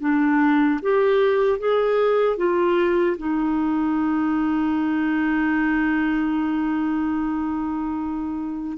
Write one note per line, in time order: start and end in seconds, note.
0.00 0.80 D4
0.82 1.59 G4
1.59 2.37 G#4
2.37 3.17 F4
3.18 8.78 D#4